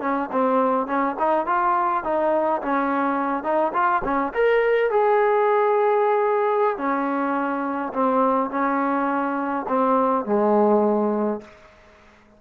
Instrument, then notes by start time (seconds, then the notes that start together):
trombone
0.00 C#4
0.31 C4
0.86 C#4
1.19 D#4
1.46 F4
2.03 D#4
2.61 C#4
3.43 D#4
3.73 F4
4.04 C#4
4.33 A#4
4.90 G#4
6.77 C#4
7.93 C4
8.50 C#4
9.68 C4
10.25 G#3